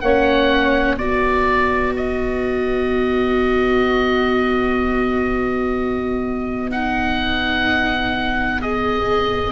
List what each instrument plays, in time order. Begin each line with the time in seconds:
0.00 tuba A#3, viola C#4, saxophone C#5, oboe F#5
0.96 tuba B3, viola F#4, saxophone B4, oboe D5
1.96 oboe D#5
6.69 viola D#4, oboe F#5
8.61 viola G#4, oboe D#5